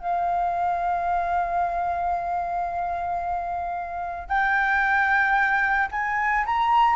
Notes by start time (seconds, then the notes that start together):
0.00 F5
4.29 G5
5.92 G#5
6.47 A#5